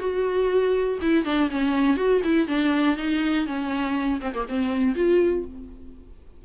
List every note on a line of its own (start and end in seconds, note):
0.00 0.99 F#4
1.02 1.25 E4
1.25 1.50 D4
1.51 1.97 C#4
1.97 2.22 F#4
2.24 2.48 E4
2.48 2.97 D4
2.97 3.46 D#4
3.46 4.21 C#4
4.21 4.33 C4
4.34 4.47 A#3
4.49 4.95 C4
4.95 5.45 F4